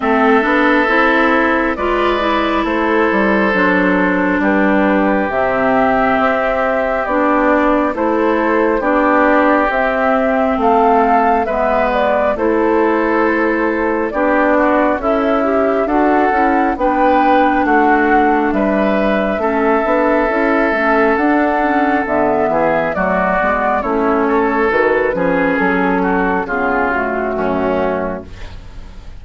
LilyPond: <<
  \new Staff \with { instrumentName = "flute" } { \time 4/4 \tempo 4 = 68 e''2 d''4 c''4~ | c''4 b'4 e''2 | d''4 c''4 d''4 e''4 | f''4 e''8 d''8 c''2 |
d''4 e''4 fis''4 g''4 | fis''4 e''2. | fis''4 e''4 d''4 cis''4 | b'4 a'4 gis'8 fis'4. | }
  \new Staff \with { instrumentName = "oboe" } { \time 4/4 a'2 b'4 a'4~ | a'4 g'2.~ | g'4 a'4 g'2 | a'4 b'4 a'2 |
g'8 fis'8 e'4 a'4 b'4 | fis'4 b'4 a'2~ | a'4. gis'8 fis'4 e'8 a'8~ | a'8 gis'4 fis'8 f'4 cis'4 | }
  \new Staff \with { instrumentName = "clarinet" } { \time 4/4 c'8 d'8 e'4 f'8 e'4. | d'2 c'2 | d'4 e'4 d'4 c'4~ | c'4 b4 e'2 |
d'4 a'8 g'8 fis'8 e'8 d'4~ | d'2 cis'8 d'8 e'8 cis'8 | d'8 cis'8 b4 a8 b8 cis'4 | fis'8 cis'4. b8 a4. | }
  \new Staff \with { instrumentName = "bassoon" } { \time 4/4 a8 b8 c'4 gis4 a8 g8 | fis4 g4 c4 c'4 | b4 a4 b4 c'4 | a4 gis4 a2 |
b4 cis'4 d'8 cis'8 b4 | a4 g4 a8 b8 cis'8 a8 | d'4 d8 e8 fis8 gis8 a4 | dis8 f8 fis4 cis4 fis,4 | }
>>